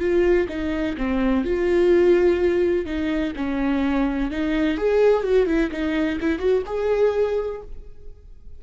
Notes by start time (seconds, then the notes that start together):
0.00 F4
0.49 D#4
0.97 C4
1.45 F4
2.86 D#4
3.36 C#4
4.31 D#4
4.78 G#4
5.23 F#4
5.47 E4
5.71 D#4
6.21 E4
6.39 F#4
6.66 G#4